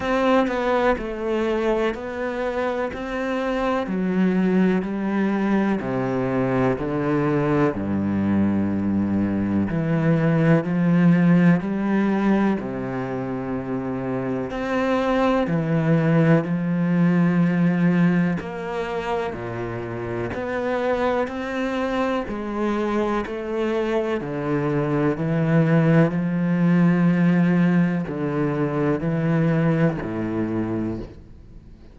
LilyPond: \new Staff \with { instrumentName = "cello" } { \time 4/4 \tempo 4 = 62 c'8 b8 a4 b4 c'4 | fis4 g4 c4 d4 | g,2 e4 f4 | g4 c2 c'4 |
e4 f2 ais4 | ais,4 b4 c'4 gis4 | a4 d4 e4 f4~ | f4 d4 e4 a,4 | }